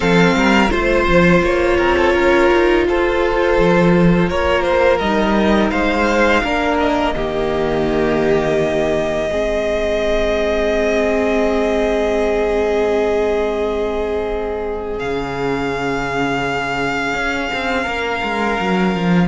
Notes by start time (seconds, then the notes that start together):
0.00 F3 C4 A4 F5
0.34 G3 A#4
0.70 A3 F4 C5
1.07 F3
1.42 A#3 C#5
1.77 C4 A#4
1.96 A4
2.13 C#4 A#4
2.53 D#4
2.87 F4 A4 C5
3.58 F3
4.28 A#3 A#4 C#5
4.62 C5
4.99 G3 D#4 D#5
5.70 G#3 C5 F5
6.43 A#3 D4 A#4
6.79 D#5
7.14 D#3 A#3 G4
9.28 G#3 C4 G#4
14.99 C#3 C#4 F5
17.13 C#4
17.53 C4
17.82 A#3 A#4
18.23 G#3
18.59 F#3
18.94 F3